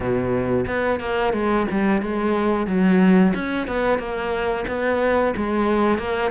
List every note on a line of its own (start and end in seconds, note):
0.00 0.65 B2
0.66 1.00 B3
1.00 1.33 A#3
1.33 1.66 G#3
1.70 2.02 G3
2.02 2.66 G#3
2.66 3.33 F#3
3.34 3.67 C#4
3.67 3.98 B3
3.98 4.65 A#3
4.67 5.33 B3
5.36 5.98 G#3
5.98 6.31 A#3